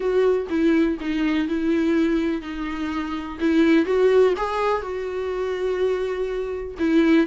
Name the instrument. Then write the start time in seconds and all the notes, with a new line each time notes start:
viola
0.00 F#4
0.49 E4
1.00 D#4
1.48 E4
2.41 D#4
3.40 E4
3.85 F#4
4.36 G#4
4.81 F#4
6.78 E4